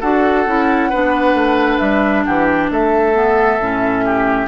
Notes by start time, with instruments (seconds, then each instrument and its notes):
0.00 bassoon D4, clarinet F#4, oboe A4, flute F#5
0.46 bassoon C#4, clarinet E4
0.89 bassoon B3, clarinet D4, oboe B4
1.34 bassoon A3
1.79 bassoon G3, flute E5
2.25 bassoon E3, oboe G4, flute F#5
2.45 flute G5
2.70 bassoon A3, oboe A4, flute E5
3.14 clarinet B3
3.59 bassoon A2, clarinet C#4
4.05 oboe G4